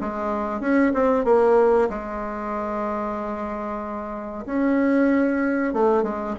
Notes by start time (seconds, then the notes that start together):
0.00 G#3
0.60 C#4
0.93 C4
1.24 A#3
1.89 G#3
4.45 C#4
5.73 A3
6.03 G#3